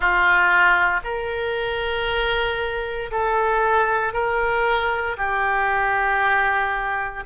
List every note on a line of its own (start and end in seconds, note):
0.00 1.00 F4
1.03 3.10 A#4
3.11 4.13 A4
4.13 5.16 A#4
5.17 7.24 G4